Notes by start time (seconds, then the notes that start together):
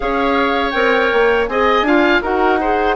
0.00 C#4 G#4 C#5 F5
0.71 C4 A#4 G5
1.12 A#3
1.46 C4 G#4 D#5 G#5
1.82 D4 F4 F5
2.22 D#4 F#4 A#4 F#5
2.60 G#4 C5